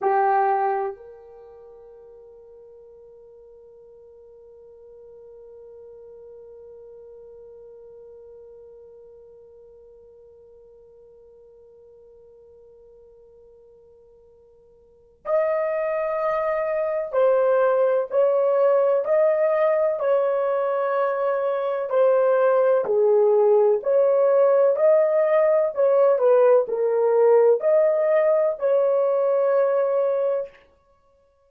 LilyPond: \new Staff \with { instrumentName = "horn" } { \time 4/4 \tempo 4 = 63 g'4 ais'2.~ | ais'1~ | ais'1~ | ais'1 |
dis''2 c''4 cis''4 | dis''4 cis''2 c''4 | gis'4 cis''4 dis''4 cis''8 b'8 | ais'4 dis''4 cis''2 | }